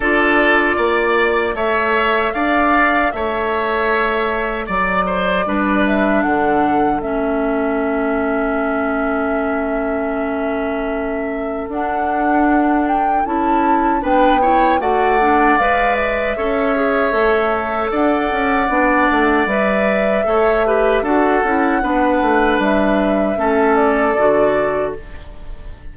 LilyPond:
<<
  \new Staff \with { instrumentName = "flute" } { \time 4/4 \tempo 4 = 77 d''2 e''4 f''4 | e''2 d''4. e''8 | fis''4 e''2.~ | e''2. fis''4~ |
fis''8 g''8 a''4 g''4 fis''4 | f''8 e''2~ e''8 fis''4~ | fis''4 e''2 fis''4~ | fis''4 e''4. d''4. | }
  \new Staff \with { instrumentName = "oboe" } { \time 4/4 a'4 d''4 cis''4 d''4 | cis''2 d''8 c''8 b'4 | a'1~ | a'1~ |
a'2 b'8 cis''8 d''4~ | d''4 cis''2 d''4~ | d''2 cis''8 b'8 a'4 | b'2 a'2 | }
  \new Staff \with { instrumentName = "clarinet" } { \time 4/4 f'2 a'2~ | a'2. d'4~ | d'4 cis'2.~ | cis'2. d'4~ |
d'4 e'4 d'8 e'8 fis'8 d'8 | b'4 a'8 gis'8 a'2 | d'4 b'4 a'8 g'8 fis'8 e'8 | d'2 cis'4 fis'4 | }
  \new Staff \with { instrumentName = "bassoon" } { \time 4/4 d'4 ais4 a4 d'4 | a2 fis4 g4 | d4 a2.~ | a2. d'4~ |
d'4 cis'4 b4 a4 | gis4 cis'4 a4 d'8 cis'8 | b8 a8 g4 a4 d'8 cis'8 | b8 a8 g4 a4 d4 | }
>>